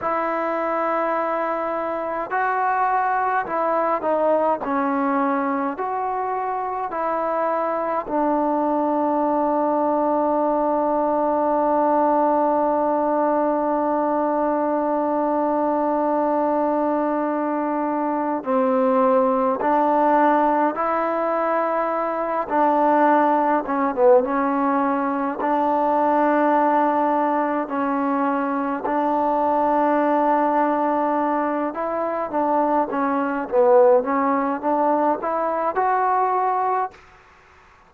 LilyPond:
\new Staff \with { instrumentName = "trombone" } { \time 4/4 \tempo 4 = 52 e'2 fis'4 e'8 dis'8 | cis'4 fis'4 e'4 d'4~ | d'1~ | d'1 |
c'4 d'4 e'4. d'8~ | d'8 cis'16 b16 cis'4 d'2 | cis'4 d'2~ d'8 e'8 | d'8 cis'8 b8 cis'8 d'8 e'8 fis'4 | }